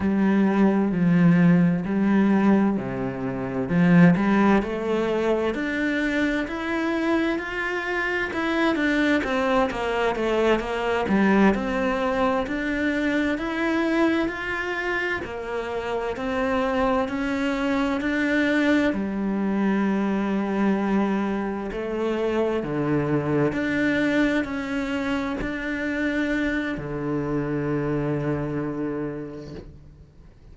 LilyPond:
\new Staff \with { instrumentName = "cello" } { \time 4/4 \tempo 4 = 65 g4 f4 g4 c4 | f8 g8 a4 d'4 e'4 | f'4 e'8 d'8 c'8 ais8 a8 ais8 | g8 c'4 d'4 e'4 f'8~ |
f'8 ais4 c'4 cis'4 d'8~ | d'8 g2. a8~ | a8 d4 d'4 cis'4 d'8~ | d'4 d2. | }